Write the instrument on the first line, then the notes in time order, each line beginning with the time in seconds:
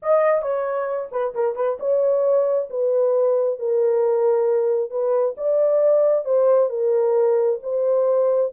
horn
0.02 D#5
0.42 C#5
1.11 B4
1.34 A#4
1.55 B4
1.79 C#5
2.70 B4
3.59 A#4
4.90 B4
5.37 D5
6.25 C5
6.69 A#4
7.62 C5